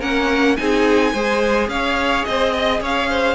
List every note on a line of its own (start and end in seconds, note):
0.00 0.58 A#3
0.00 0.57 C#4
0.00 0.56 A#4
0.00 0.57 F#5
0.57 1.14 C4
0.57 1.14 D#4
0.57 1.13 G#4
0.57 1.69 G#5
1.13 1.68 G#3
1.13 3.35 G#4
1.13 1.69 C5
1.68 2.25 C#4
1.68 2.28 C#5
1.68 2.25 F5
2.25 2.81 C4
2.25 2.53 C5
2.25 2.81 D#5
2.53 2.81 D#5
2.81 3.35 C#4
2.81 3.09 C#5
2.81 3.35 F5
3.10 3.35 C5